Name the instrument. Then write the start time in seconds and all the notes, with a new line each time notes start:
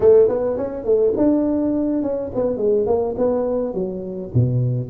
tuba
0.00 A3
0.28 B3
0.57 C#4
0.84 A3
1.16 D4
2.02 C#4
2.34 B3
2.57 G#3
2.86 A#3
3.17 B3
3.74 F#3
4.34 B2